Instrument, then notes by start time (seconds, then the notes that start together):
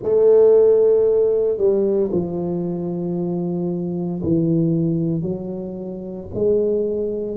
tuba
0.02 A3
1.57 G3
2.11 F3
4.22 E3
5.22 F#3
6.34 G#3